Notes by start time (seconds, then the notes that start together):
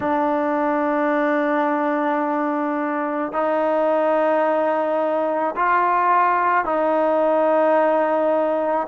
0.00 D4
3.32 D#4
5.56 F4
6.65 D#4